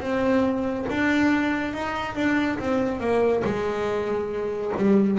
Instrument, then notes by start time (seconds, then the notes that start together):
double bass
0.00 C4
0.89 D4
1.73 D#4
2.15 D4
2.58 C4
3.00 A#3
3.44 G#3
4.76 G3